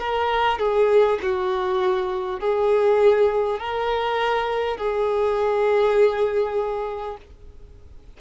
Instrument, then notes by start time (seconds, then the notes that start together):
violin
0.00 A#4
0.59 G#4
1.23 F#4
2.41 G#4
3.59 A#4
4.77 G#4